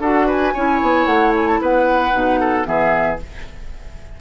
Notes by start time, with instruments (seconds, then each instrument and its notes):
0.00 bassoon D4, clarinet F#4, oboe A4, flute F#5
0.27 oboe B4, flute G#5
0.54 bassoon C#4, clarinet E4, oboe C#5
0.82 bassoon B3
1.07 bassoon A3, flute F#5
1.36 flute G#5
1.49 flute A5
1.61 bassoon B3, oboe B4, flute F#5
2.12 bassoon B2, clarinet D#4
2.41 oboe A4
2.64 bassoon E3, clarinet B3, oboe G#4, flute E5